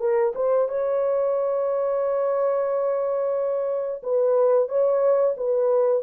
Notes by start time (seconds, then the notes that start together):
0.00 A#4
0.35 C5
0.69 C#5
4.03 B4
4.69 C#5
5.37 B4